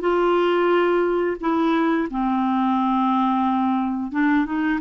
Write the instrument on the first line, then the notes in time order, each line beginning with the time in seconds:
clarinet
0.00 F4
1.40 E4
2.10 C4
4.11 D4
4.45 D#4